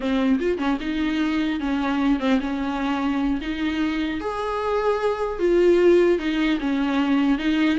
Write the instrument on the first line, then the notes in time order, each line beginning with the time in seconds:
viola
0.00 C4
0.39 F4
0.58 C#4
0.80 D#4
1.60 C#4
2.19 C4
2.40 C#4
3.41 D#4
4.20 G#4
5.39 F4
6.19 D#4
6.60 C#4
7.38 D#4